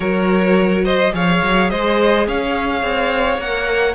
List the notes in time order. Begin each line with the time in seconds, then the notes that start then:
0.00 F#3 F#4 A#4 C#5
0.84 C5 D#5
1.12 F3 G#4 C#5 F5
1.43 F#3
1.70 G#3 C5 D#5
2.27 C#4 C#5 F5
2.82 C4
3.37 A#3 A#4 F#5